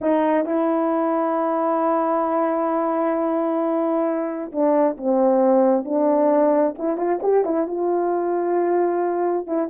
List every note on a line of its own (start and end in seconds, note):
0.01 0.45 D#4
0.45 4.51 E4
4.51 4.96 D4
4.97 5.84 C4
5.84 6.75 D4
6.78 6.97 E4
6.97 7.20 F4
7.22 7.44 G4
7.44 7.67 E4
7.67 9.46 F4
9.46 9.69 E4